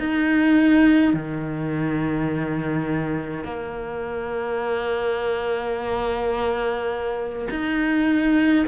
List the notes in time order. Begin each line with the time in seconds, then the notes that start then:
0.00 D#4
1.14 D#3
3.45 A#3
7.51 D#4